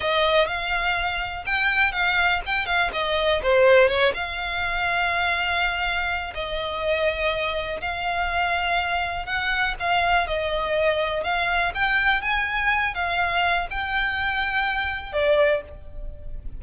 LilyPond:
\new Staff \with { instrumentName = "violin" } { \time 4/4 \tempo 4 = 123 dis''4 f''2 g''4 | f''4 g''8 f''8 dis''4 c''4 | cis''8 f''2.~ f''8~ | f''4 dis''2. |
f''2. fis''4 | f''4 dis''2 f''4 | g''4 gis''4. f''4. | g''2. d''4 | }